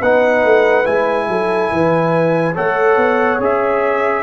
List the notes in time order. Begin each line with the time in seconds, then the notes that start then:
0.00 B3 D#4 B4 F#5
0.44 A3
0.85 G#3 E4 G#5
1.29 F#3 A4
1.72 E3 B4
2.55 A3 A4 C#5 F#5
2.97 B3
3.40 C#4 G#4 E5